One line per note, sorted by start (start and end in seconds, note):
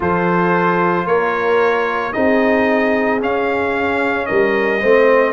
0.00 1.05 F3
0.00 2.13 F4
0.00 1.06 A4
0.00 1.06 C5
1.05 2.12 A#3
1.05 2.13 A#4
1.05 2.12 C#5
2.12 3.20 C4
2.12 3.20 D#4
2.12 4.27 G#4
2.12 3.19 D#5
3.20 4.81 C#4
3.20 4.27 C#4
3.20 4.25 F5
4.25 4.83 G3
4.25 4.80 A#4
4.25 5.33 D#5
4.80 5.33 A3
4.80 5.33 C4
4.80 5.33 C5